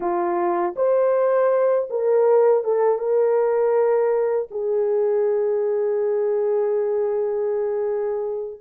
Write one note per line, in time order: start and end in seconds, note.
0.00 0.74 F4
0.76 1.88 C5
1.90 2.64 A#4
2.64 2.98 A4
2.98 4.48 A#4
4.50 8.60 G#4